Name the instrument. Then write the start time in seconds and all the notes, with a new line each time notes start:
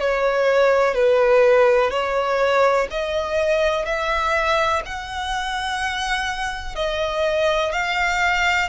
violin
0.00 C#5
0.95 B4
1.91 C#5
2.91 D#5
3.86 E5
4.86 F#5
6.76 D#5
7.72 F5